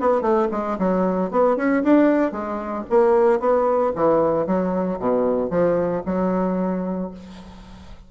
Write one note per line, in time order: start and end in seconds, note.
0.00 0.22 B3
0.22 0.48 A3
0.51 0.78 G#3
0.79 1.31 F#3
1.31 1.57 B3
1.57 1.83 C#4
1.83 2.32 D4
2.32 2.84 G#3
2.90 3.40 A#3
3.40 3.92 B3
3.95 4.46 E3
4.46 4.99 F#3
5.00 5.50 B2
5.50 6.03 F3
6.06 7.11 F#3